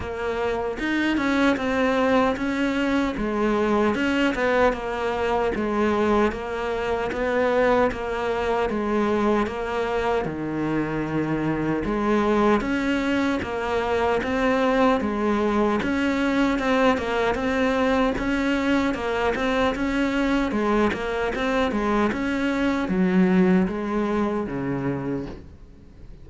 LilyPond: \new Staff \with { instrumentName = "cello" } { \time 4/4 \tempo 4 = 76 ais4 dis'8 cis'8 c'4 cis'4 | gis4 cis'8 b8 ais4 gis4 | ais4 b4 ais4 gis4 | ais4 dis2 gis4 |
cis'4 ais4 c'4 gis4 | cis'4 c'8 ais8 c'4 cis'4 | ais8 c'8 cis'4 gis8 ais8 c'8 gis8 | cis'4 fis4 gis4 cis4 | }